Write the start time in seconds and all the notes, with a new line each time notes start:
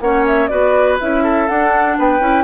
0.00 A#3 C#4 C#5 F#5
0.27 E5
0.47 B3 F#4 B4 D5
1.00 C#4 E4 E5
1.23 A4
1.48 D4 F#5
1.98 B3 B4 G5
2.20 C#4 E4